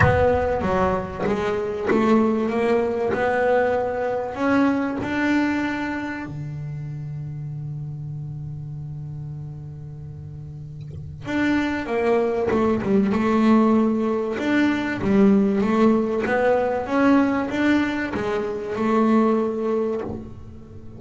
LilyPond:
\new Staff \with { instrumentName = "double bass" } { \time 4/4 \tempo 4 = 96 b4 fis4 gis4 a4 | ais4 b2 cis'4 | d'2 d2~ | d1~ |
d2 d'4 ais4 | a8 g8 a2 d'4 | g4 a4 b4 cis'4 | d'4 gis4 a2 | }